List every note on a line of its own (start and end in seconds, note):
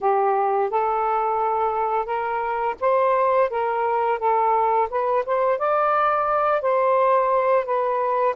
0.00 0.70 G4
0.70 2.05 A4
2.05 2.75 A#4
2.80 3.49 C5
3.49 4.18 A#4
4.18 4.88 A4
4.90 5.25 B4
5.25 5.58 C5
5.58 6.61 D5
6.61 7.65 C5
7.65 8.35 B4